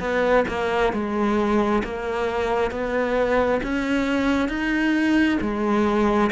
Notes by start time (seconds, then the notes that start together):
0.00 B3
0.48 A#3
0.93 G#3
1.84 A#3
2.72 B3
3.64 C#4
4.49 D#4
5.41 G#3